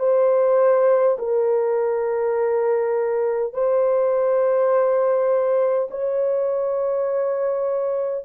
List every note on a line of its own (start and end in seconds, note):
0.00 1.18 C5
1.19 3.53 A#4
3.53 5.89 C5
5.91 8.26 C#5